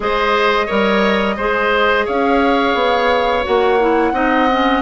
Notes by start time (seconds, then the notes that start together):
0.00 G#3 G#4 C5 D#5
0.66 G3 A#4 C#5
1.36 G#3 G#4 C5
2.05 C#4 C#5 F5
2.74 B3
3.43 A#3 F#4 F#5
3.79 E4
4.12 C4 D#4 D#5
4.51 C#4